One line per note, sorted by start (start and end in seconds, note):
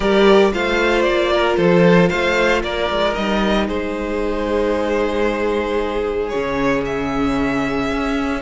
0.00 0.52 G3
0.00 0.52 G4
0.00 0.51 A#4
0.00 0.52 D5
0.52 1.06 A3
0.52 3.15 F4
0.52 1.32 C5
0.52 1.02 F5
1.02 1.57 A#3
1.02 1.54 D5
1.32 1.57 A#4
1.57 2.10 F3
1.57 2.09 A4
1.57 2.08 C5
2.08 2.63 A3
2.08 2.62 C5
2.08 2.61 F5
2.63 2.89 A#3
2.63 3.67 A#4
2.63 3.14 D5
2.90 3.16 G#3
3.14 3.69 G3
3.14 6.32 D#4
3.14 3.66 D#5
3.67 6.32 G#3
3.67 8.40 G#4
3.67 6.29 C5
6.29 8.41 C#4
6.29 6.81 C#5
6.35 7.91 C#3
6.85 8.41 E5
7.91 8.41 C#4